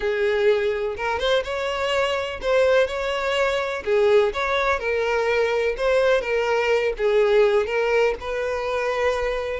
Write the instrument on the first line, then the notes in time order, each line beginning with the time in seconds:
violin
0.00 G#4
0.96 A#4
1.19 C5
1.44 C#5
2.41 C5
2.87 C#5
3.84 G#4
4.33 C#5
4.79 A#4
5.77 C5
6.21 A#4
6.97 G#4
7.66 A#4
8.20 B4